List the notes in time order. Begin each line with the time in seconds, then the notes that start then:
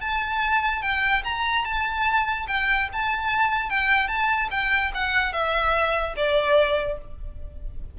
0.00 A5
0.82 G5
1.23 A#5
1.64 A5
2.47 G5
2.92 A5
3.69 G5
4.07 A5
4.50 G5
4.94 F#5
5.32 E5
6.16 D5